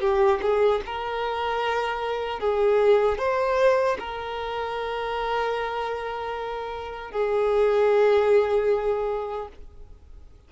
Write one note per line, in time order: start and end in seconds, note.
0.00 0.39 G4
0.42 0.81 G#4
0.85 2.39 A#4
2.39 3.18 G#4
3.18 3.97 C5
3.99 7.11 A#4
7.11 9.48 G#4